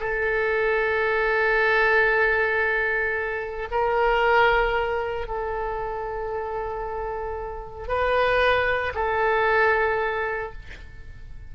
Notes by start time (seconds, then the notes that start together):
0.00 A4
3.71 A#4
5.27 A4
7.88 B4
8.94 A4